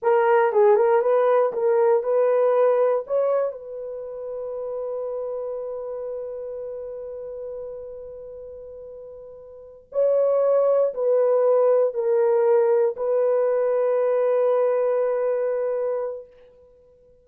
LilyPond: \new Staff \with { instrumentName = "horn" } { \time 4/4 \tempo 4 = 118 ais'4 gis'8 ais'8 b'4 ais'4 | b'2 cis''4 b'4~ | b'1~ | b'1~ |
b'2.~ b'8 cis''8~ | cis''4. b'2 ais'8~ | ais'4. b'2~ b'8~ | b'1 | }